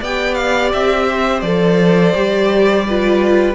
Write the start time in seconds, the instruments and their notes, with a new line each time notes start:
0.00 cello B3, viola G4, violin D5 G5
0.35 violin F5
0.73 cello C4, violin E5
1.09 violin C5
1.41 cello F3, viola A4, violin D5
2.15 cello G3, viola G4
2.87 viola F4, violin B4